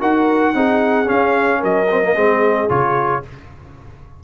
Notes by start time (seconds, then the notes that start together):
0.00 D#4 F#4 A#4 F#5
0.54 C4 D#4 G#4
1.06 C#4 F5
1.59 F#3 A#4 D#5
1.91 C4
2.02 A#3
2.14 G#3 C4 G#4
2.69 C#3 F4 C#5